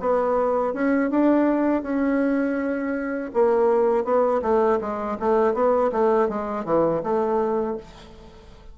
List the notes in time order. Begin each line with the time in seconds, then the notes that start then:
0.00 B3
0.73 C#4
1.10 D4
1.82 C#4
3.34 A#3
4.04 B3
4.42 A3
4.80 G#3
5.20 A3
5.54 B3
5.92 A3
6.29 G#3
6.65 E3
7.03 A3